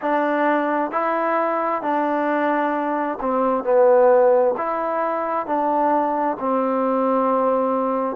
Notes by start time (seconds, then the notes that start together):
0.01 D4
0.91 E4
1.81 D4
3.20 C4
3.64 B3
4.57 E4
5.46 D4
6.39 C4